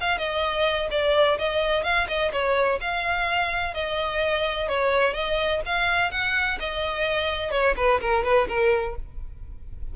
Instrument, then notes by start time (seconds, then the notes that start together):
violin
0.00 F5
0.18 D#5
0.90 D5
1.38 D#5
1.83 F5
2.08 D#5
2.32 C#5
2.80 F5
3.74 D#5
4.68 C#5
5.13 D#5
5.65 F5
6.11 F#5
6.59 D#5
7.51 C#5
7.76 B4
8.00 A#4
8.24 B4
8.48 A#4